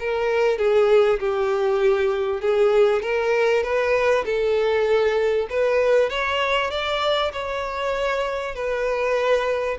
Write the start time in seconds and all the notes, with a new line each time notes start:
0.00 A#4
0.58 G#4
1.20 G4
2.41 G#4
3.02 A#4
3.63 B4
4.25 A4
5.50 B4
6.10 C#5
6.70 D5
7.33 C#5
8.55 B4